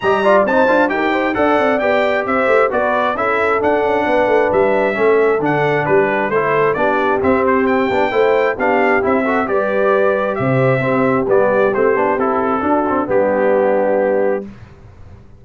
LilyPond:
<<
  \new Staff \with { instrumentName = "trumpet" } { \time 4/4 \tempo 4 = 133 ais''4 a''4 g''4 fis''4 | g''4 e''4 d''4 e''4 | fis''2 e''2 | fis''4 b'4 c''4 d''4 |
e''8 c''8 g''2 f''4 | e''4 d''2 e''4~ | e''4 d''4 c''4 a'4~ | a'4 g'2. | }
  \new Staff \with { instrumentName = "horn" } { \time 4/4 dis''8 d''8 c''4 ais'8 c''8 d''4~ | d''4 c''4 b'4 a'4~ | a'4 b'2 a'4~ | a'4 g'4 a'4 g'4~ |
g'2 c''4 g'4~ | g'8 a'8 b'2 c''4 | g'1 | fis'4 d'2. | }
  \new Staff \with { instrumentName = "trombone" } { \time 4/4 g'8 f'8 dis'8 f'8 g'4 a'4 | g'2 fis'4 e'4 | d'2. cis'4 | d'2 e'4 d'4 |
c'4. d'8 e'4 d'4 | e'8 fis'8 g'2. | c'4 b4 c'8 d'8 e'4 | d'8 c'8 b2. | }
  \new Staff \with { instrumentName = "tuba" } { \time 4/4 g4 c'8 d'8 dis'4 d'8 c'8 | b4 c'8 a8 b4 cis'4 | d'8 cis'8 b8 a8 g4 a4 | d4 g4 a4 b4 |
c'4. b8 a4 b4 | c'4 g2 c4 | c'4 g4 a8 b8 c'4 | d'4 g2. | }
>>